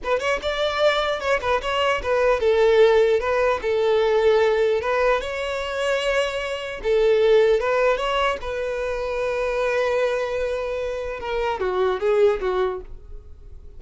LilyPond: \new Staff \with { instrumentName = "violin" } { \time 4/4 \tempo 4 = 150 b'8 cis''8 d''2 cis''8 b'8 | cis''4 b'4 a'2 | b'4 a'2. | b'4 cis''2.~ |
cis''4 a'2 b'4 | cis''4 b'2.~ | b'1 | ais'4 fis'4 gis'4 fis'4 | }